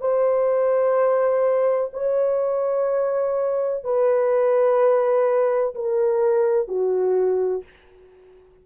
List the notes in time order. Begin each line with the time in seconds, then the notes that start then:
0.00 C5
1.93 C#5
3.84 B4
5.74 A#4
6.68 F#4